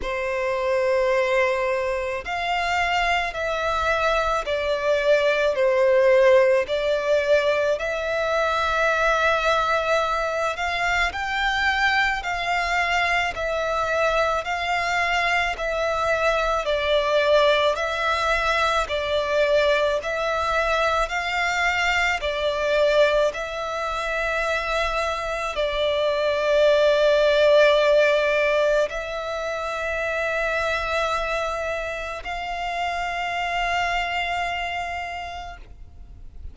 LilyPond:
\new Staff \with { instrumentName = "violin" } { \time 4/4 \tempo 4 = 54 c''2 f''4 e''4 | d''4 c''4 d''4 e''4~ | e''4. f''8 g''4 f''4 | e''4 f''4 e''4 d''4 |
e''4 d''4 e''4 f''4 | d''4 e''2 d''4~ | d''2 e''2~ | e''4 f''2. | }